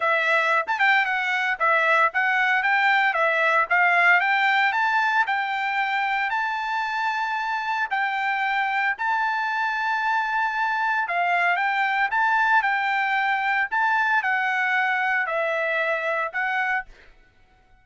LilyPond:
\new Staff \with { instrumentName = "trumpet" } { \time 4/4 \tempo 4 = 114 e''4~ e''16 a''16 g''8 fis''4 e''4 | fis''4 g''4 e''4 f''4 | g''4 a''4 g''2 | a''2. g''4~ |
g''4 a''2.~ | a''4 f''4 g''4 a''4 | g''2 a''4 fis''4~ | fis''4 e''2 fis''4 | }